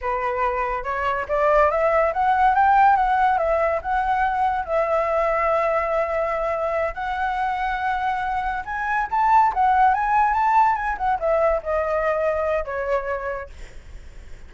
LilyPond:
\new Staff \with { instrumentName = "flute" } { \time 4/4 \tempo 4 = 142 b'2 cis''4 d''4 | e''4 fis''4 g''4 fis''4 | e''4 fis''2 e''4~ | e''1~ |
e''8 fis''2.~ fis''8~ | fis''8 gis''4 a''4 fis''4 gis''8~ | gis''8 a''4 gis''8 fis''8 e''4 dis''8~ | dis''2 cis''2 | }